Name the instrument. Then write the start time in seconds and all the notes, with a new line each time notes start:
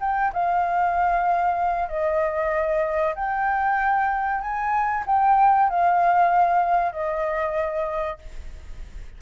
flute
0.00 G5
0.33 F5
1.88 D#5
3.15 G5
4.41 G#5
5.06 G5
5.69 F5
6.92 D#5